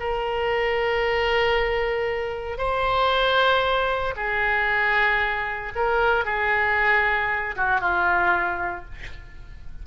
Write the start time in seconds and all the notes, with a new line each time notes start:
0.00 A#4
2.58 C5
4.16 G#4
5.76 A#4
6.25 G#4
7.56 F#4
7.81 F4